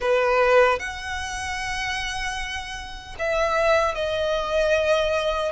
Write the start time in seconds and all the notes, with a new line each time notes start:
0.00 B4
0.79 F#5
3.19 E5
3.95 D#5